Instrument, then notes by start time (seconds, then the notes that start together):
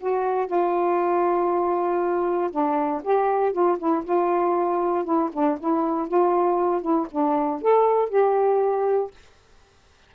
saxophone
0.00 F#4
0.47 F4
2.51 D4
3.04 G4
3.52 F4
3.79 E4
4.04 F4
5.05 E4
5.33 D4
5.60 E4
6.08 F4
6.82 E4
7.11 D4
7.62 A4
8.09 G4